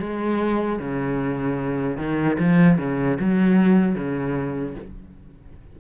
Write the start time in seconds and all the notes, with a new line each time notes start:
0.00 G#3
0.80 C#3
1.98 D#3
2.39 F3
2.79 C#3
3.20 F#3
3.96 C#3